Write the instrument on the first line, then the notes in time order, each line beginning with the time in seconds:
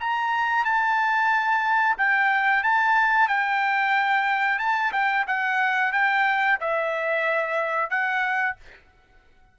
trumpet
0.00 A#5
0.65 A5
1.98 G5
2.63 A5
3.28 G5
4.59 A5
4.93 G5
5.27 F#5
5.93 G5
6.61 E5
7.90 F#5